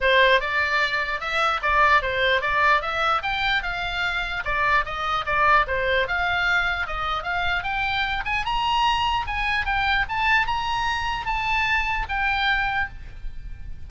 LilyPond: \new Staff \with { instrumentName = "oboe" } { \time 4/4 \tempo 4 = 149 c''4 d''2 e''4 | d''4 c''4 d''4 e''4 | g''4 f''2 d''4 | dis''4 d''4 c''4 f''4~ |
f''4 dis''4 f''4 g''4~ | g''8 gis''8 ais''2 gis''4 | g''4 a''4 ais''2 | a''2 g''2 | }